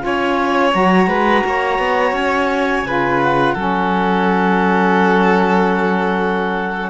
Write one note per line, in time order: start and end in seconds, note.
0.00 0.75 C#4
0.00 0.71 F4
0.00 0.75 G#5
0.06 1.09 C#5
0.73 1.07 F#3
0.73 2.85 F#4
0.73 2.16 A#5
1.07 1.42 G#3
1.07 1.44 B4
1.47 1.79 A#3
1.47 2.87 C#5
1.79 2.12 B3
2.12 2.83 C#4
2.12 3.22 G#5
2.84 3.54 C#3
2.84 3.56 F4
2.84 3.54 B4
3.23 6.91 F#5
3.54 6.91 F#3
3.54 6.91 C#4
3.54 6.90 A4